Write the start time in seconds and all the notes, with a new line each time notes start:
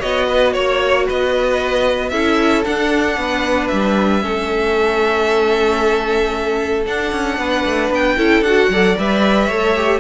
0.00 B3 F#4 C#5 D#5
0.28 B4
0.53 A#3 C#5
1.06 B3 B4 D#5
2.10 C#4 E4 A4 E5
2.65 D4 F#5
3.17 B3 B4
3.68 G3 E5
4.22 A3 C#4 A4
6.87 D4 F#5
7.12 C#4
7.38 B3 B4
7.66 A3
7.90 B3 G5
8.17 C#4 E4 A4
8.42 D4 F#4 F#5
8.70 F#3 A4 D5
8.98 G3 B4 E5
9.47 A3 A4 C#5
9.76 G4